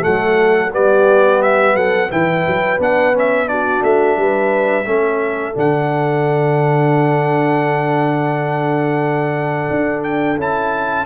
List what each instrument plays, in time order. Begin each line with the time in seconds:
0.00 tuba F#3, trombone A3, horn A4, trumpet F#5
0.72 tuba G3, trombone B3, horn G4, trumpet D5
1.42 trumpet E5
1.74 tuba F#3, horn A4, trumpet F#5
2.10 tuba E3, trombone E4, horn B4, trumpet G5
2.47 tuba F#3
2.78 tuba B3, trombone D4, trumpet F#5
3.13 trombone C#4, trumpet E5
3.46 trombone D4, horn F#4, trumpet D5
3.82 tuba A3, trumpet E5
4.17 tuba G3, horn B4
4.86 tuba A3, trombone C#4, horn A4
5.54 tuba D3, trombone D4, trumpet F#5
9.70 tuba D4
10.03 trumpet G5
10.37 tuba C#4, trombone E4, trumpet A5